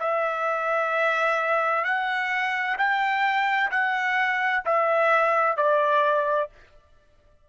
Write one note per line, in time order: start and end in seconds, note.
0.00 1.85 E5
1.85 2.77 F#5
2.79 3.71 G5
3.71 4.64 F#5
4.66 5.57 E5
5.57 6.50 D5